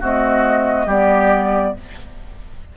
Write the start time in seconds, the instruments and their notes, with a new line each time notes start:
0.00 clarinet A3, bassoon C4, oboe F#4, flute D#5
0.86 bassoon G3, clarinet B3, oboe G4, flute D5